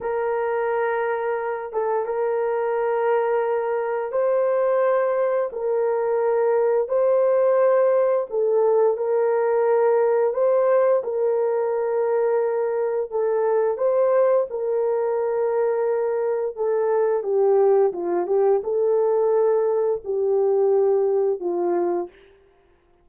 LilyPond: \new Staff \with { instrumentName = "horn" } { \time 4/4 \tempo 4 = 87 ais'2~ ais'8 a'8 ais'4~ | ais'2 c''2 | ais'2 c''2 | a'4 ais'2 c''4 |
ais'2. a'4 | c''4 ais'2. | a'4 g'4 f'8 g'8 a'4~ | a'4 g'2 f'4 | }